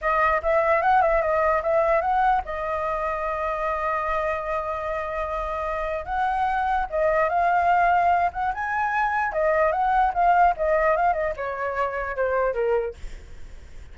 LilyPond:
\new Staff \with { instrumentName = "flute" } { \time 4/4 \tempo 4 = 148 dis''4 e''4 fis''8 e''8 dis''4 | e''4 fis''4 dis''2~ | dis''1~ | dis''2. fis''4~ |
fis''4 dis''4 f''2~ | f''8 fis''8 gis''2 dis''4 | fis''4 f''4 dis''4 f''8 dis''8 | cis''2 c''4 ais'4 | }